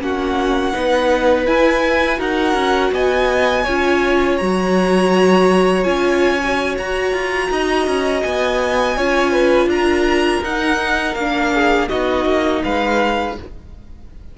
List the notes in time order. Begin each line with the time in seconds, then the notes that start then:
0.00 A#3 C#4 F#4 F#5
0.73 B3 D#4 B4
1.46 E4 G#5
2.17 D#4 F#4 A#4 F#5
2.54 C#4
2.92 B3 D#5 G#5
3.64 C#4 F4 C#5
4.37 F#3 F#4 A#5
5.84 C#4 F4 G#5
6.44 F#4
6.78 F#4 A#5
7.13 F4
7.51 D#4 D#5
7.87 C#4
8.23 B3 G#5
8.96 C#4 F4 C#5
9.32 B4
9.66 D4 A#4 A#5
10.43 D#4 F#5
11.15 A#3 D4 F5
11.53 G#4
11.88 B3 D#4 F#4 D#5
12.25 A#3
12.64 G#3 B4 F5